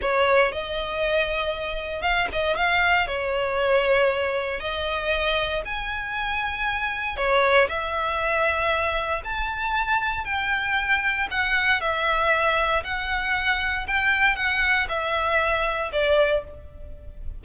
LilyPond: \new Staff \with { instrumentName = "violin" } { \time 4/4 \tempo 4 = 117 cis''4 dis''2. | f''8 dis''8 f''4 cis''2~ | cis''4 dis''2 gis''4~ | gis''2 cis''4 e''4~ |
e''2 a''2 | g''2 fis''4 e''4~ | e''4 fis''2 g''4 | fis''4 e''2 d''4 | }